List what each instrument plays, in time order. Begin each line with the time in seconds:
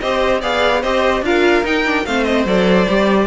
0.00 cello C4, viola G4, violin C5 D#5
0.41 cello B3, viola G#4, violin D5 F5
0.81 cello C4, viola G4, violin C5 D#5
1.21 cello D4, viola F4, violin A#4 F5
1.63 viola D#4, cello D#4, violin G5
1.84 viola D4
2.05 cello A3, viola C4, violin C5 F5
2.24 violin D#5
2.45 cello F#3, viola A4, violin D5
2.88 cello G3, viola G4